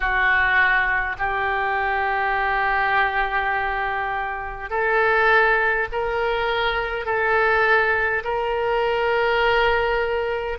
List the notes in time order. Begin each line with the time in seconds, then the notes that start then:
0.00 F#4
1.18 G4
4.70 A4
5.91 A#4
7.05 A4
8.24 A#4